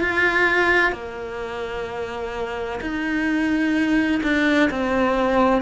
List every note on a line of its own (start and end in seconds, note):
0.00 0.92 F4
0.92 2.80 A#3
2.80 4.21 D#4
4.23 4.70 D4
4.70 5.62 C4